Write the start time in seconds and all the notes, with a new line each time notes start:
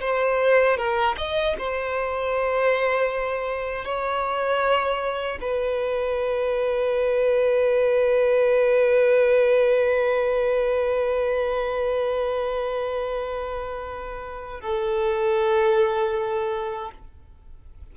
0.00 C5
0.77 A#4
1.17 D#5
1.58 C5
3.85 C#5
5.41 B4
14.60 A4